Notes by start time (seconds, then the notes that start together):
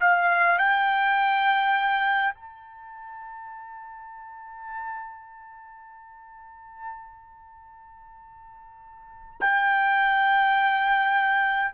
0.00 F5
0.58 G5
2.34 A5
9.40 G5